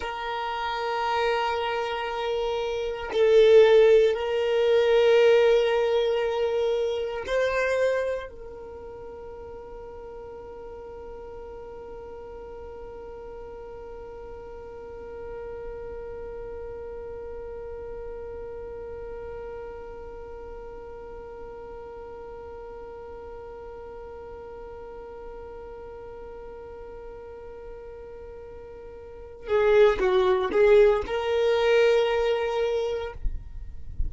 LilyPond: \new Staff \with { instrumentName = "violin" } { \time 4/4 \tempo 4 = 58 ais'2. a'4 | ais'2. c''4 | ais'1~ | ais'1~ |
ais'1~ | ais'1~ | ais'1~ | ais'8 gis'8 fis'8 gis'8 ais'2 | }